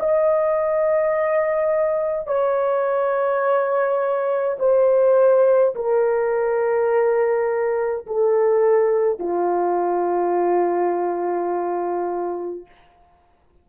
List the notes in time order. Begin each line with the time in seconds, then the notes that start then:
0.00 D#5
2.27 C#5
4.59 C5
5.76 A#4
8.07 A4
9.20 F4